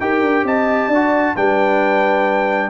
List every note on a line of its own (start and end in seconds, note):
0.00 0.21 D#4
0.00 0.91 G4
0.00 0.45 A#4
0.00 0.45 G5
0.21 0.44 D4
0.44 0.88 C4
0.44 0.88 D#5
0.44 1.36 A5
0.88 1.33 D4
0.88 1.33 D5
0.94 1.36 F#4
1.36 2.69 G3
1.36 2.69 D4
1.36 2.69 B4
1.36 2.69 G5